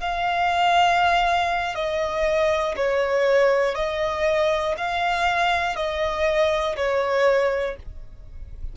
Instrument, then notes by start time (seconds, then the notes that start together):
violin
0.00 F5
1.75 D#5
2.76 C#5
3.75 D#5
4.77 F5
5.75 D#5
6.75 C#5